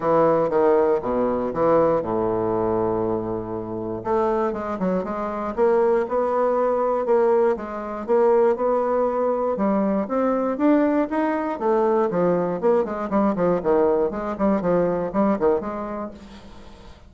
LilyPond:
\new Staff \with { instrumentName = "bassoon" } { \time 4/4 \tempo 4 = 119 e4 dis4 b,4 e4 | a,1 | a4 gis8 fis8 gis4 ais4 | b2 ais4 gis4 |
ais4 b2 g4 | c'4 d'4 dis'4 a4 | f4 ais8 gis8 g8 f8 dis4 | gis8 g8 f4 g8 dis8 gis4 | }